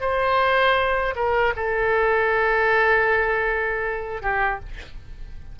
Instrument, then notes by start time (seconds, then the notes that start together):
oboe
0.00 C5
1.15 A#4
1.56 A4
4.22 G4